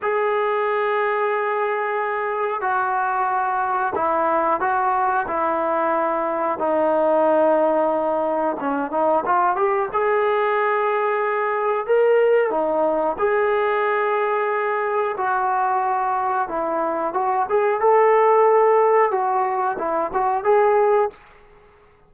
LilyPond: \new Staff \with { instrumentName = "trombone" } { \time 4/4 \tempo 4 = 91 gis'1 | fis'2 e'4 fis'4 | e'2 dis'2~ | dis'4 cis'8 dis'8 f'8 g'8 gis'4~ |
gis'2 ais'4 dis'4 | gis'2. fis'4~ | fis'4 e'4 fis'8 gis'8 a'4~ | a'4 fis'4 e'8 fis'8 gis'4 | }